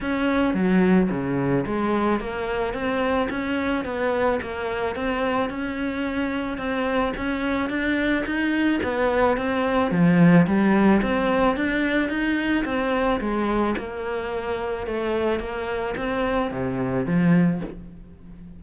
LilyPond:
\new Staff \with { instrumentName = "cello" } { \time 4/4 \tempo 4 = 109 cis'4 fis4 cis4 gis4 | ais4 c'4 cis'4 b4 | ais4 c'4 cis'2 | c'4 cis'4 d'4 dis'4 |
b4 c'4 f4 g4 | c'4 d'4 dis'4 c'4 | gis4 ais2 a4 | ais4 c'4 c4 f4 | }